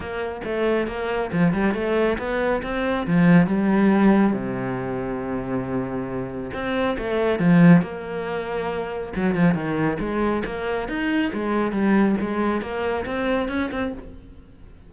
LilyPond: \new Staff \with { instrumentName = "cello" } { \time 4/4 \tempo 4 = 138 ais4 a4 ais4 f8 g8 | a4 b4 c'4 f4 | g2 c2~ | c2. c'4 |
a4 f4 ais2~ | ais4 fis8 f8 dis4 gis4 | ais4 dis'4 gis4 g4 | gis4 ais4 c'4 cis'8 c'8 | }